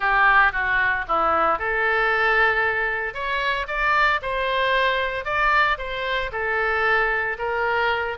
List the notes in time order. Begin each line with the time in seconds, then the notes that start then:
0.00 G4
0.52 F#4
1.08 E4
1.59 A4
3.13 C#5
3.67 D5
4.22 C5
5.25 D5
5.78 C5
6.32 A4
7.38 A#4